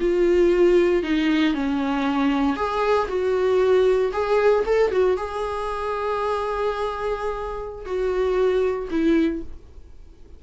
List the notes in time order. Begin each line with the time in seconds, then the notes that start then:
0.00 F4
1.03 D#4
1.54 C#4
2.56 G#4
3.08 F#4
4.12 G#4
4.66 A4
4.91 F#4
5.17 G#4
7.85 F#4
8.90 E4